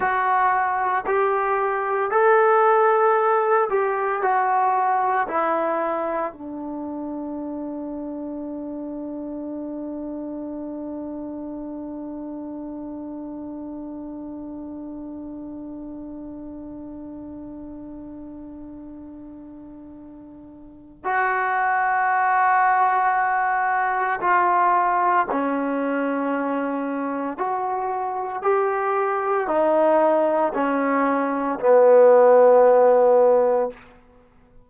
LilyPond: \new Staff \with { instrumentName = "trombone" } { \time 4/4 \tempo 4 = 57 fis'4 g'4 a'4. g'8 | fis'4 e'4 d'2~ | d'1~ | d'1~ |
d'1 | fis'2. f'4 | cis'2 fis'4 g'4 | dis'4 cis'4 b2 | }